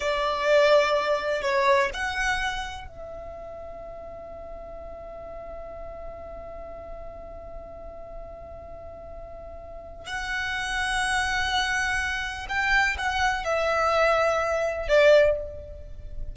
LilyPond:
\new Staff \with { instrumentName = "violin" } { \time 4/4 \tempo 4 = 125 d''2. cis''4 | fis''2 e''2~ | e''1~ | e''1~ |
e''1~ | e''4 fis''2.~ | fis''2 g''4 fis''4 | e''2. d''4 | }